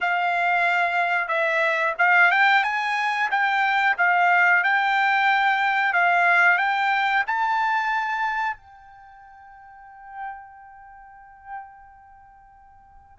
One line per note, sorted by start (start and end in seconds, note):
0.00 1.28 F5
1.28 1.94 E5
1.98 2.31 F5
2.31 2.63 G5
2.63 3.29 G#5
3.30 3.96 G5
3.97 4.63 F5
4.63 5.93 G5
5.93 6.58 F5
6.58 7.23 G5
7.26 8.57 A5
8.57 13.18 G5